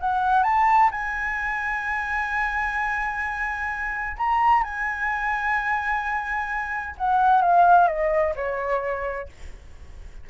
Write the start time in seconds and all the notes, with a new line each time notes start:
0.00 F#5
0.43 A5
0.91 G#5
4.17 A#5
4.63 G#5
6.97 F#5
7.41 F5
7.88 D#5
8.36 C#5